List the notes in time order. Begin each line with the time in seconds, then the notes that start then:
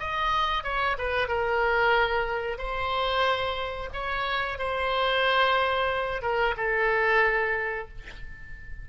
0.00 D#5
0.64 C#5
0.99 B4
1.28 A#4
2.58 C5
3.94 C#5
4.59 C5
6.22 A#4
6.57 A4